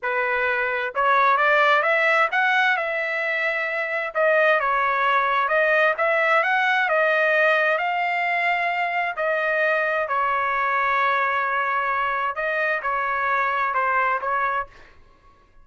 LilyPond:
\new Staff \with { instrumentName = "trumpet" } { \time 4/4 \tempo 4 = 131 b'2 cis''4 d''4 | e''4 fis''4 e''2~ | e''4 dis''4 cis''2 | dis''4 e''4 fis''4 dis''4~ |
dis''4 f''2. | dis''2 cis''2~ | cis''2. dis''4 | cis''2 c''4 cis''4 | }